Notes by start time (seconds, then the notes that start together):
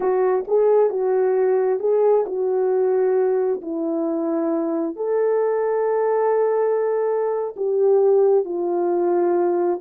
0.00 F#4
0.47 G#4
0.90 F#4
1.79 G#4
2.26 F#4
3.61 E4
4.96 A4
7.56 G4
8.45 F4